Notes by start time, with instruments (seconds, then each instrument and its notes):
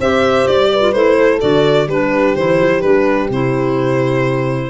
0.00 tuba C4, clarinet G4, horn C5, violin E5
0.48 tuba G3, violin D5
0.72 horn B4
0.80 clarinet F4
0.92 tuba A3, clarinet E4, violin C5
1.18 horn A4
1.40 tuba D3, clarinet F#4, violin D5
1.87 tuba G3, clarinet D4, horn G4, violin B4
2.35 tuba E3, clarinet E4, violin C5
2.60 tuba F3
2.81 tuba G3, clarinet D4, violin B4
3.30 tuba C3, clarinet E4, violin C5